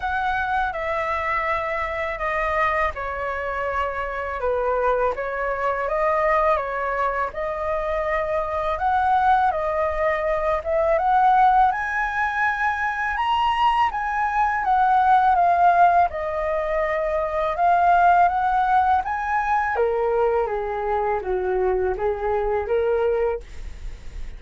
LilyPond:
\new Staff \with { instrumentName = "flute" } { \time 4/4 \tempo 4 = 82 fis''4 e''2 dis''4 | cis''2 b'4 cis''4 | dis''4 cis''4 dis''2 | fis''4 dis''4. e''8 fis''4 |
gis''2 ais''4 gis''4 | fis''4 f''4 dis''2 | f''4 fis''4 gis''4 ais'4 | gis'4 fis'4 gis'4 ais'4 | }